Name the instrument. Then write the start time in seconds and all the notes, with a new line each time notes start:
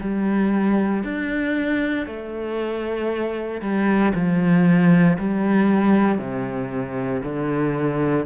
cello
0.00 G3
1.03 D4
2.06 A3
3.61 G3
4.14 F3
5.19 G3
6.18 C3
7.23 D3